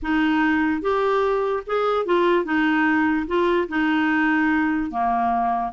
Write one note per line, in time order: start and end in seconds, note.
0.02 0.81 D#4
0.81 1.63 G4
1.66 2.05 G#4
2.05 2.45 F4
2.45 3.26 D#4
3.27 3.68 F4
3.68 4.90 D#4
4.90 5.72 A#3